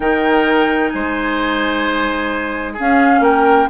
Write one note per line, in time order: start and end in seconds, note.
0.00 0.90 D#3
0.00 2.76 D#4
0.00 0.93 A#4
0.00 0.90 G5
0.90 2.79 G#3
0.90 2.73 C5
0.90 2.74 G#5
2.73 3.69 C#4
2.73 3.19 G#4
2.79 3.20 C#4
2.79 3.23 F5
3.20 3.66 A#3
3.20 3.68 A#4
3.20 3.69 G5